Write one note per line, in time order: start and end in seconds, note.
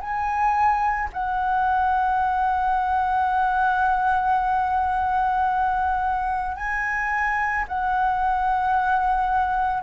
0.00 1.09 G#5
1.13 6.56 F#5
6.56 7.65 G#5
7.68 9.82 F#5